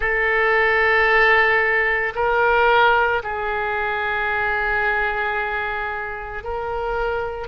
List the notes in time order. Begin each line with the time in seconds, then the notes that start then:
0.00 A4
2.15 A#4
3.23 G#4
6.43 A#4